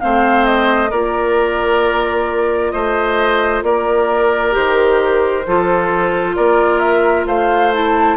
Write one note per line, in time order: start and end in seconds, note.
0.00 0.91 A3
0.00 0.89 C4
0.00 0.90 C5
0.00 0.45 F5
0.45 0.90 D#5
0.89 2.73 A#3
0.89 4.52 F4
0.89 2.72 A#4
0.89 2.71 D5
2.71 3.62 A3
2.71 3.64 C5
2.71 3.62 D#5
3.62 4.53 A#3
3.62 5.46 A#4
3.62 4.54 D5
4.52 5.46 D#3
4.52 5.43 G4
4.52 6.36 C5
5.46 6.37 F3
5.46 7.73 F4
5.46 6.36 A4
6.36 7.25 A#3
6.36 7.27 A#4
6.36 6.79 D5
6.79 7.24 E5
7.25 8.16 A3
7.25 8.17 C5
7.25 7.73 F5
7.73 8.17 E4
7.73 8.17 A5